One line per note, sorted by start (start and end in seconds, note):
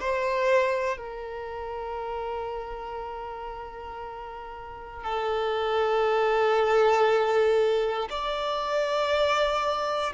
0.00 0.97 C5
0.97 5.03 A#4
5.03 8.08 A4
8.10 10.13 D5